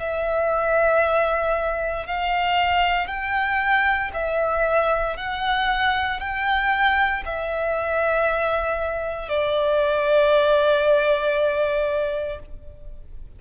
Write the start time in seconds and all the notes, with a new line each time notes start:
0.00 E5
2.06 F5
3.08 G5
4.14 E5
5.17 F#5
6.20 G5
7.26 E5
9.29 D5